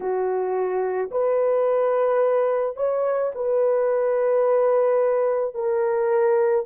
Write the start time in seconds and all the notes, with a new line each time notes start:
0.00 F#4
1.11 B4
2.76 C#5
3.34 B4
5.54 A#4